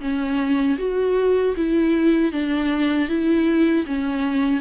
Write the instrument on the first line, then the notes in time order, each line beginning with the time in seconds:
viola
0.00 C#4
0.78 F#4
1.56 E4
2.32 D4
3.08 E4
3.86 C#4